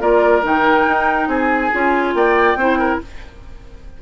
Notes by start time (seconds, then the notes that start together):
0.00 A#3 F4 A#4 D5
0.43 D#3 D#4 G5
0.87 D#4
1.27 C4 G#4 G#5
1.72 C#4 F4
2.14 A#3 D5 G5
2.56 C4 E4 C5
2.78 A#4